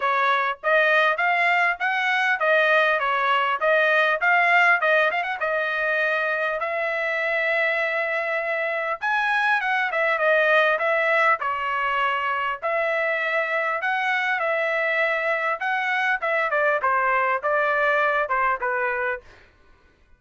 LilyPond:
\new Staff \with { instrumentName = "trumpet" } { \time 4/4 \tempo 4 = 100 cis''4 dis''4 f''4 fis''4 | dis''4 cis''4 dis''4 f''4 | dis''8 f''16 fis''16 dis''2 e''4~ | e''2. gis''4 |
fis''8 e''8 dis''4 e''4 cis''4~ | cis''4 e''2 fis''4 | e''2 fis''4 e''8 d''8 | c''4 d''4. c''8 b'4 | }